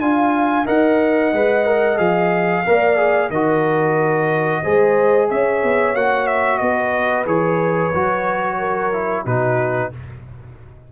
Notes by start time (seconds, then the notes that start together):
0.00 D4 F4 F5 G#5
0.66 D#4 A#4 D#5 F#5
1.33 G#3 B4
1.66 A#4
1.98 F3 G#4 F5
2.66 A#3 A#4 D5
2.97 G#4
3.29 D#3 F#4 A#4 D#5
4.62 G#3 G#4 C5
5.28 C#4 C#5 E5
5.63 B3
5.95 A#3 F#4 F#5
6.27 E5
6.58 B3 B4 D#5
7.26 E3 G#4 C#5
7.93 F#3 F#4
8.58 A#4
8.93 E4
9.24 B2 D#4 F#4 B4